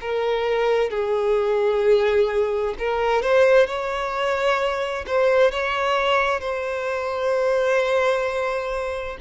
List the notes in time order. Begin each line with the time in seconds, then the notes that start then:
0.00 A#4
0.90 G#4
2.78 A#4
3.22 C5
3.66 C#5
5.06 C5
5.51 C#5
6.40 C5